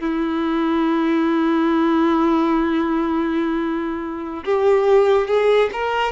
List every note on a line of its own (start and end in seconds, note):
0.00 4.44 E4
4.44 5.27 G4
5.27 5.69 G#4
5.72 6.12 A#4